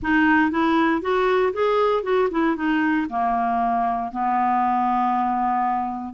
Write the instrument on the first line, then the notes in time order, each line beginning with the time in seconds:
clarinet
0.02 D#4
0.50 E4
1.01 F#4
1.53 G#4
2.03 F#4
2.31 E4
2.55 D#4
3.09 A#3
4.11 B3